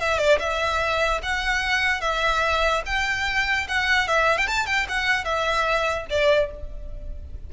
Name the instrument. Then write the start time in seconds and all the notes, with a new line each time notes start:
violin
0.00 E5
0.18 D5
0.40 E5
1.23 F#5
2.01 E5
2.86 G5
3.69 F#5
4.08 E5
4.38 G5
4.48 A5
4.67 G5
4.89 F#5
5.25 E5
6.10 D5